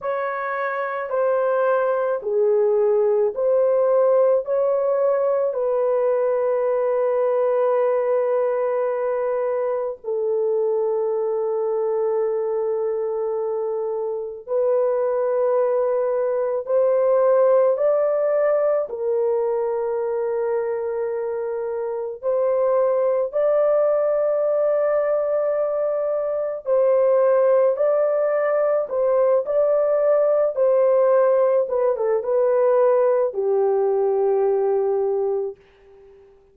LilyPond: \new Staff \with { instrumentName = "horn" } { \time 4/4 \tempo 4 = 54 cis''4 c''4 gis'4 c''4 | cis''4 b'2.~ | b'4 a'2.~ | a'4 b'2 c''4 |
d''4 ais'2. | c''4 d''2. | c''4 d''4 c''8 d''4 c''8~ | c''8 b'16 a'16 b'4 g'2 | }